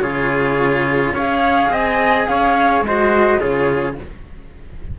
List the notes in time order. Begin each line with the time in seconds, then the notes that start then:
0.00 C#3 F4 G#4 C#5
1.13 C#4 G#4 C#5 F5
1.70 C4 D#5 G#5
2.27 C#4 C#5 F5
2.81 G#3 C5 D#5
2.87 F#4
3.38 C#3 F4 G#4 C#5